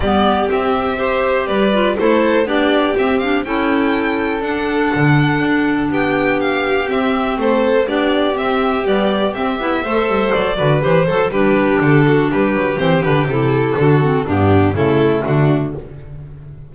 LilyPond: <<
  \new Staff \with { instrumentName = "violin" } { \time 4/4 \tempo 4 = 122 d''4 e''2 d''4 | c''4 d''4 e''8 f''8 g''4~ | g''4 fis''2. | g''4 f''4 e''4 c''4 |
d''4 e''4 d''4 e''4~ | e''4 d''4 c''4 b'4 | a'4 b'4 c''8 b'8 a'4~ | a'4 g'4 a'4 fis'4 | }
  \new Staff \with { instrumentName = "violin" } { \time 4/4 g'2 c''4 b'4 | a'4 g'2 a'4~ | a'1 | g'2. a'4 |
g'1 | c''4. b'4 a'8 g'4~ | g'8 fis'8 g'2. | fis'4 d'4 e'4 d'4 | }
  \new Staff \with { instrumentName = "clarinet" } { \time 4/4 b4 c'4 g'4. f'8 | e'4 d'4 c'8 d'8 e'4~ | e'4 d'2.~ | d'2 c'2 |
d'4 c'4 g4 c'8 e'8 | a'4. fis'8 g'8 a'8 d'4~ | d'2 c'8 d'8 e'4 | d'8 c'8 b4 a2 | }
  \new Staff \with { instrumentName = "double bass" } { \time 4/4 g4 c'2 g4 | a4 b4 c'4 cis'4~ | cis'4 d'4 d4 d'4 | b2 c'4 a4 |
b4 c'4 b4 c'8 b8 | a8 g8 fis8 d8 e8 fis8 g4 | d4 g8 fis8 e8 d8 c4 | d4 g,4 cis4 d4 | }
>>